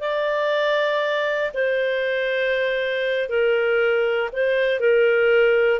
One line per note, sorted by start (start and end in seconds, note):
0.00 1.51 D5
1.54 3.29 C5
3.29 4.30 A#4
4.32 4.80 C5
4.80 5.80 A#4